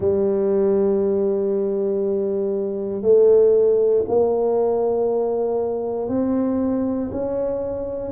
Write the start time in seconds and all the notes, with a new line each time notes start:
0.00 G3
3.02 A3
4.07 A#3
6.08 C4
7.11 C#4